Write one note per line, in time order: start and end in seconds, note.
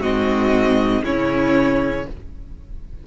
0.00 1.02 G#2
0.00 1.04 C4
0.00 1.02 F#4
0.00 1.04 D#5
1.04 2.06 C#3
1.04 2.07 C#4
1.04 2.06 E4
1.04 2.07 C#5